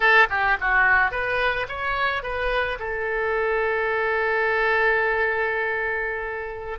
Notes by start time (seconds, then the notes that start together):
0.00 A4
0.29 G4
0.60 F#4
1.11 B4
1.68 C#5
2.22 B4
2.79 A4